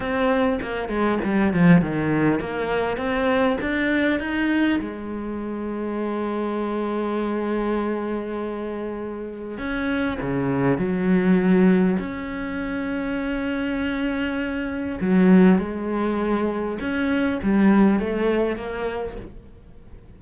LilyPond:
\new Staff \with { instrumentName = "cello" } { \time 4/4 \tempo 4 = 100 c'4 ais8 gis8 g8 f8 dis4 | ais4 c'4 d'4 dis'4 | gis1~ | gis1 |
cis'4 cis4 fis2 | cis'1~ | cis'4 fis4 gis2 | cis'4 g4 a4 ais4 | }